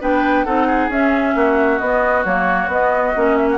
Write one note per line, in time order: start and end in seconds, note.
0.00 0.45 B3
0.00 0.46 D4
0.00 0.45 B4
0.00 0.44 G5
0.44 0.88 C4
0.44 0.90 D#4
0.44 0.66 A4
0.44 0.89 F#5
0.66 1.33 G#4
0.88 1.33 C#4
0.88 1.81 C#4
0.88 1.78 E5
1.35 1.80 A#3
1.35 3.57 F#4
1.78 2.24 B3
1.78 2.25 B3
1.78 2.23 D#5
2.24 2.67 F#3
2.24 2.70 A#3
2.24 2.70 C#5
2.67 3.12 B3
2.67 3.15 B3
2.67 3.37 D#5
3.15 3.57 A#3
3.15 3.57 C#4
3.37 3.48 E5
3.51 3.57 F#5